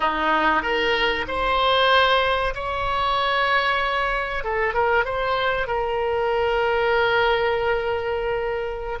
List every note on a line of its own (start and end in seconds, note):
0.00 0.62 D#4
0.62 1.25 A#4
1.27 2.53 C5
2.54 4.44 C#5
4.44 4.74 A4
4.74 5.04 A#4
5.04 5.67 C5
5.67 8.99 A#4